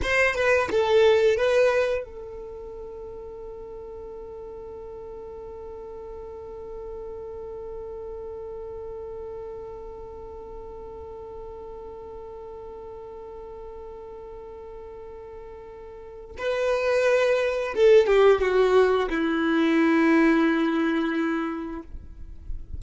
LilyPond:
\new Staff \with { instrumentName = "violin" } { \time 4/4 \tempo 4 = 88 c''8 b'8 a'4 b'4 a'4~ | a'1~ | a'1~ | a'1~ |
a'1~ | a'1 | b'2 a'8 g'8 fis'4 | e'1 | }